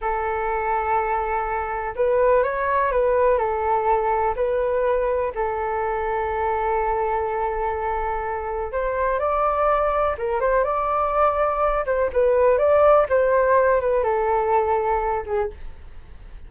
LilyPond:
\new Staff \with { instrumentName = "flute" } { \time 4/4 \tempo 4 = 124 a'1 | b'4 cis''4 b'4 a'4~ | a'4 b'2 a'4~ | a'1~ |
a'2 c''4 d''4~ | d''4 ais'8 c''8 d''2~ | d''8 c''8 b'4 d''4 c''4~ | c''8 b'8 a'2~ a'8 gis'8 | }